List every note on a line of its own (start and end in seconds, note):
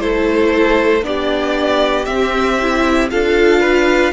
0.00 1.03 A3
0.00 1.02 E4
0.00 1.06 A4
0.00 1.04 C5
1.02 2.06 B3
1.02 2.06 D4
1.02 3.12 G4
1.02 2.05 D5
2.05 3.10 C4
2.05 2.60 C4
2.05 3.08 E5
2.62 3.11 E4
3.10 4.12 D4
3.10 4.12 F4
3.10 3.61 A4
3.10 4.12 F5
3.61 4.12 B4